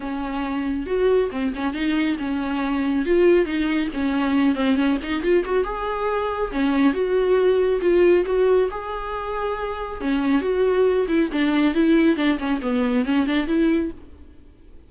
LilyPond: \new Staff \with { instrumentName = "viola" } { \time 4/4 \tempo 4 = 138 cis'2 fis'4 c'8 cis'8 | dis'4 cis'2 f'4 | dis'4 cis'4. c'8 cis'8 dis'8 | f'8 fis'8 gis'2 cis'4 |
fis'2 f'4 fis'4 | gis'2. cis'4 | fis'4. e'8 d'4 e'4 | d'8 cis'8 b4 cis'8 d'8 e'4 | }